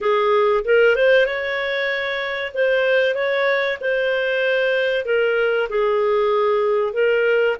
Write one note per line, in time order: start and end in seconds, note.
0.00 0.63 G#4
0.64 0.95 A#4
0.95 1.25 C5
1.25 2.52 C#5
2.53 3.14 C5
3.14 3.78 C#5
3.80 5.05 C5
5.05 5.68 A#4
5.69 6.93 G#4
6.93 7.56 A#4